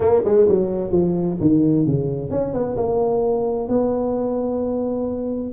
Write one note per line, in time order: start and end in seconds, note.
0.00 0.22 A#3
0.24 0.47 G#3
0.48 0.91 F#3
0.91 1.37 F3
1.40 1.86 D#3
1.86 2.30 C#3
2.30 2.53 C#4
2.53 2.76 B3
2.76 3.68 A#3
3.68 5.53 B3